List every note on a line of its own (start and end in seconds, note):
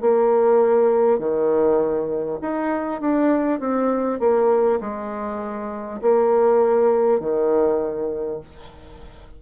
0.00 1.18 A#3
1.18 2.38 D#3
2.41 3.01 D#4
3.01 3.59 D4
3.59 4.19 C4
4.19 4.79 A#3
4.80 6.00 G#3
6.01 7.20 A#3
7.20 8.40 D#3